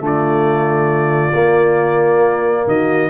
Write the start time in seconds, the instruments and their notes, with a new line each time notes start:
0.00 tuba D3, trombone A3, horn F4, trumpet D5
1.33 tuba A#3, trombone A#3
2.67 tuba D#3, horn F#4, trumpet D#5